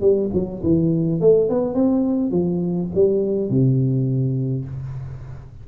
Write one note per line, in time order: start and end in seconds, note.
0.00 0.29 G3
0.33 0.62 F#3
0.63 1.20 E3
1.20 1.49 A3
1.49 1.74 B3
1.74 2.31 C4
2.31 2.88 F3
2.94 3.50 G3
3.50 4.65 C3